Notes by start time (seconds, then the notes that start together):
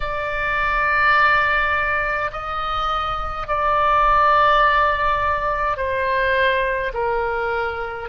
0.00 D5
2.32 D#5
3.47 D5
5.76 C5
6.93 A#4